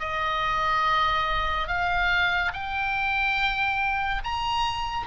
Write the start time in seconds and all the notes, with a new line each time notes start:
0.00 D#5
1.68 F5
2.54 G5
4.24 A#5